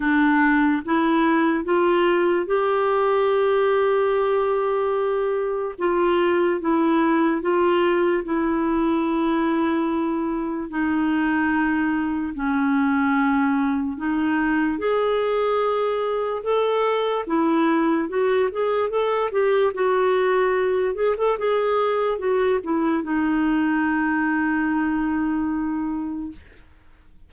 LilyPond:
\new Staff \with { instrumentName = "clarinet" } { \time 4/4 \tempo 4 = 73 d'4 e'4 f'4 g'4~ | g'2. f'4 | e'4 f'4 e'2~ | e'4 dis'2 cis'4~ |
cis'4 dis'4 gis'2 | a'4 e'4 fis'8 gis'8 a'8 g'8 | fis'4. gis'16 a'16 gis'4 fis'8 e'8 | dis'1 | }